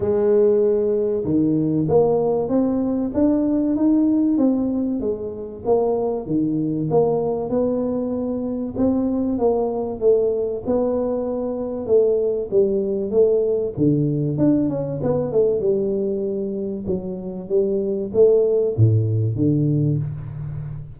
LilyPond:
\new Staff \with { instrumentName = "tuba" } { \time 4/4 \tempo 4 = 96 gis2 dis4 ais4 | c'4 d'4 dis'4 c'4 | gis4 ais4 dis4 ais4 | b2 c'4 ais4 |
a4 b2 a4 | g4 a4 d4 d'8 cis'8 | b8 a8 g2 fis4 | g4 a4 a,4 d4 | }